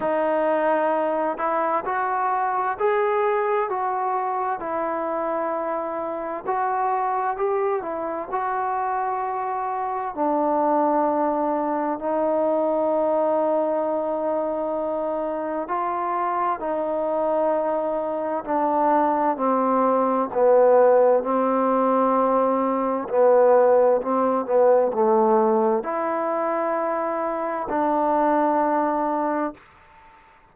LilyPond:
\new Staff \with { instrumentName = "trombone" } { \time 4/4 \tempo 4 = 65 dis'4. e'8 fis'4 gis'4 | fis'4 e'2 fis'4 | g'8 e'8 fis'2 d'4~ | d'4 dis'2.~ |
dis'4 f'4 dis'2 | d'4 c'4 b4 c'4~ | c'4 b4 c'8 b8 a4 | e'2 d'2 | }